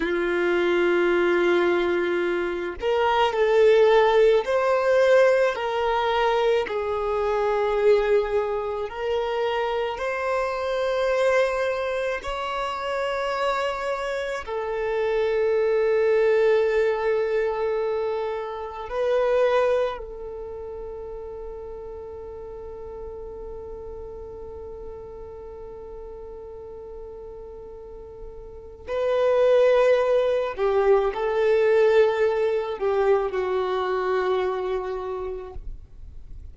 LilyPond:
\new Staff \with { instrumentName = "violin" } { \time 4/4 \tempo 4 = 54 f'2~ f'8 ais'8 a'4 | c''4 ais'4 gis'2 | ais'4 c''2 cis''4~ | cis''4 a'2.~ |
a'4 b'4 a'2~ | a'1~ | a'2 b'4. g'8 | a'4. g'8 fis'2 | }